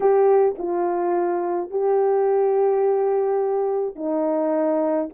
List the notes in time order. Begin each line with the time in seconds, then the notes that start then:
0.00 G4
0.58 F4
1.70 G4
3.95 D#4